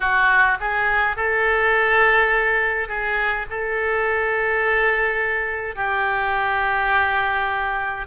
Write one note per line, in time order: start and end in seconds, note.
0.00 0.58 F#4
0.60 1.16 G#4
1.16 2.88 A4
2.88 3.46 G#4
3.50 5.75 A4
5.75 8.06 G4